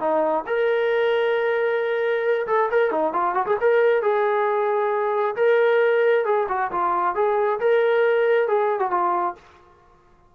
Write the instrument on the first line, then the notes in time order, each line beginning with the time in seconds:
trombone
0.00 D#4
0.47 A#4
2.47 A4
2.72 A#4
2.91 D#4
3.13 F4
3.35 F#4
3.46 G#4
3.61 A#4
4.03 G#4
5.36 A#4
6.25 G#4
6.49 F#4
6.72 F4
7.15 G#4
7.60 A#4
8.48 G#4
8.80 F#4
8.91 F4